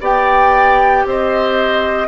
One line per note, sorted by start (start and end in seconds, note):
0.00 1.04 B3
0.00 2.07 G4
0.00 1.03 D5
0.00 1.06 G5
1.05 2.07 C4
1.05 2.07 C5
1.05 2.07 D#5